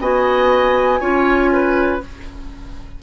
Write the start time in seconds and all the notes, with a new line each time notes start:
0.00 B3 F#4 D#5 G#5
1.00 C#4 F4 C#5
1.52 B4